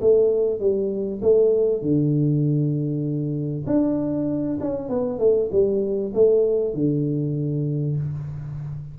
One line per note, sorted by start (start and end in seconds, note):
0.00 0.60 A3
0.60 1.21 G3
1.21 1.81 A3
1.81 3.65 D3
3.66 4.58 D4
4.60 4.88 C#4
4.88 5.19 B3
5.19 5.49 A3
5.52 6.13 G3
6.14 6.74 A3
6.74 7.96 D3